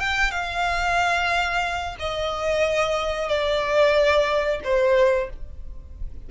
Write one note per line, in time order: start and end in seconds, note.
0.00 0.31 G5
0.31 1.96 F5
1.99 3.29 D#5
3.29 4.61 D5
4.64 5.30 C5